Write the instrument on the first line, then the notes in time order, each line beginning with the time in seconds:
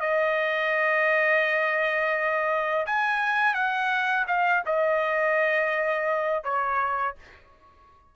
trumpet
0.00 D#5
2.86 G#5
3.54 F#5
4.27 F5
4.66 D#5
6.44 C#5